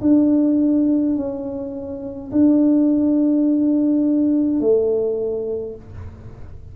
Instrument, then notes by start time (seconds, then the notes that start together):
tuba
0.00 D4
1.15 C#4
2.31 D4
4.60 A3